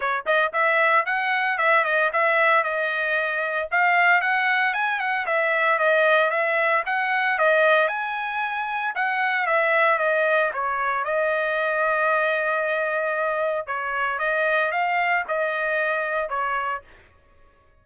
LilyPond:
\new Staff \with { instrumentName = "trumpet" } { \time 4/4 \tempo 4 = 114 cis''8 dis''8 e''4 fis''4 e''8 dis''8 | e''4 dis''2 f''4 | fis''4 gis''8 fis''8 e''4 dis''4 | e''4 fis''4 dis''4 gis''4~ |
gis''4 fis''4 e''4 dis''4 | cis''4 dis''2.~ | dis''2 cis''4 dis''4 | f''4 dis''2 cis''4 | }